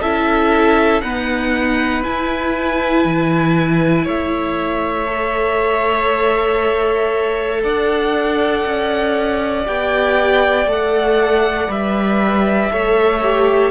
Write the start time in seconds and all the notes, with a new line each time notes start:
0.00 C#4 E4 A4 E5
1.01 B3 D#4 B4 F#5
2.03 E4 G#5
3.04 E3
4.04 A3 C#5 E5
5.06 A4
7.63 D4 D5 F#5
8.65 C#4
9.65 B3 G4 G5
10.66 A3 A4 F#5
11.68 G3 B4 E5
12.70 A3 A4 C#5
13.22 G4